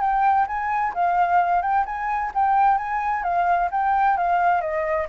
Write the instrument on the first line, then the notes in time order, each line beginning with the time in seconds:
flute
0.00 G5
0.47 G#5
0.94 F5
1.62 G5
1.85 G#5
2.34 G5
2.78 G#5
3.23 F5
3.71 G5
4.17 F5
4.61 D#5